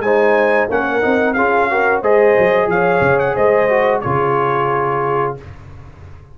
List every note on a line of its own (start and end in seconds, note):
0.00 0.67 G#3
0.00 0.69 D#4
0.00 0.70 C5
0.00 0.68 G#5
0.69 1.03 A#3
0.69 1.02 C#4
0.69 1.36 A#4
0.69 1.34 F#5
1.02 1.37 C4
1.02 1.35 D#4
1.34 2.03 C#4
1.34 1.71 F4
1.34 1.70 G#4
1.34 2.01 F5
1.71 2.04 F#4
1.71 2.02 A#4
2.02 2.37 G#3
2.02 3.70 G#4
2.02 2.69 C5
2.02 2.70 D#5
2.38 2.67 F#3
2.67 3.00 F3
2.67 3.35 C#5
2.67 3.19 F5
3.01 3.34 C#3
3.19 3.36 F#5
3.35 4.04 G#3
3.35 4.02 C5
3.35 4.01 D#5
3.70 4.03 F#4
4.01 5.39 C#3
4.01 5.37 F4
4.01 5.36 G#4
4.01 5.34 C#5